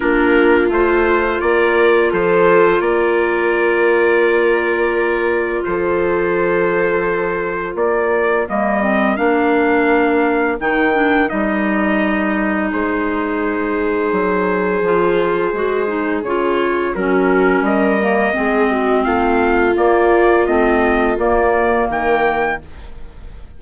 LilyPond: <<
  \new Staff \with { instrumentName = "trumpet" } { \time 4/4 \tempo 4 = 85 ais'4 c''4 d''4 c''4 | d''1 | c''2. d''4 | dis''4 f''2 g''4 |
dis''2 c''2~ | c''2. cis''4 | ais'4 dis''2 f''4 | d''4 dis''4 d''4 g''4 | }
  \new Staff \with { instrumentName = "viola" } { \time 4/4 f'2 ais'4 a'4 | ais'1 | a'2. ais'4~ | ais'1~ |
ais'2 gis'2~ | gis'1 | fis'4 ais'4 gis'8 fis'8 f'4~ | f'2. ais'4 | }
  \new Staff \with { instrumentName = "clarinet" } { \time 4/4 d'4 f'2.~ | f'1~ | f'1 | ais8 c'8 d'2 dis'8 d'8 |
dis'1~ | dis'4 f'4 fis'8 dis'8 f'4 | cis'4. ais8 c'2 | ais4 c'4 ais2 | }
  \new Staff \with { instrumentName = "bassoon" } { \time 4/4 ais4 a4 ais4 f4 | ais1 | f2. ais4 | g4 ais2 dis4 |
g2 gis2 | fis4 f4 gis4 cis4 | fis4 g4 gis4 a4 | ais4 a4 ais4 dis4 | }
>>